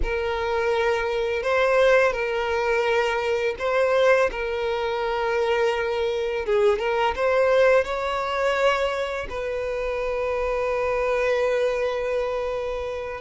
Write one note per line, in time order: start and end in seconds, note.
0.03 1.43 A#4
1.43 2.12 C5
2.12 3.55 A#4
3.58 4.30 C5
4.31 6.45 A#4
6.45 6.78 G#4
6.78 7.14 A#4
7.15 7.84 C5
7.84 9.27 C#5
9.29 13.20 B4